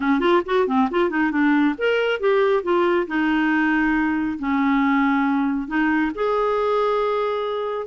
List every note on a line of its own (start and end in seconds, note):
0.00 0.20 C#4
0.20 0.41 F4
0.45 0.67 F#4
0.67 0.89 C4
0.90 1.09 F4
1.09 1.31 D#4
1.31 1.75 D4
1.78 2.20 A#4
2.20 2.63 G4
2.63 3.07 F4
3.07 4.38 D#4
4.39 5.67 C#4
5.67 6.11 D#4
6.14 7.87 G#4